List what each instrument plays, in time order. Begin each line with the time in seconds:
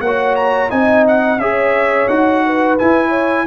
0.00 tuba A#3, horn C#5, trumpet F#5
0.06 trombone F#4
0.35 trumpet A#5
0.69 tuba C4, trombone D#4, horn D#5, trumpet G#5
1.07 trumpet F#5
1.38 tuba C#4, trombone G#4, horn C#5, trumpet E5
2.08 tuba D#4, trombone F#4, trumpet F#5
2.46 horn B4
2.78 trombone E4, tuba E4, trumpet G#5
3.08 horn C#5